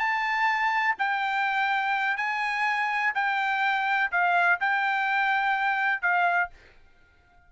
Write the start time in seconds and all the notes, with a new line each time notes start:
0.00 A5
0.99 G5
2.18 G#5
3.15 G5
4.12 F5
4.61 G5
6.02 F5